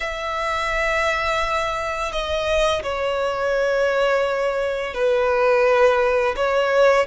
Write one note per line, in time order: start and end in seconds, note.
0.00 2.11 E5
2.11 2.82 D#5
2.82 4.93 C#5
4.93 6.35 B4
6.36 7.06 C#5